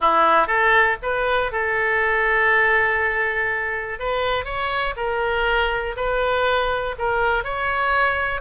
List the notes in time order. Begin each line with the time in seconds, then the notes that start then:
0.00 E4
0.47 A4
1.02 B4
1.51 A4
3.99 B4
4.44 C#5
4.96 A#4
5.96 B4
6.98 A#4
7.44 C#5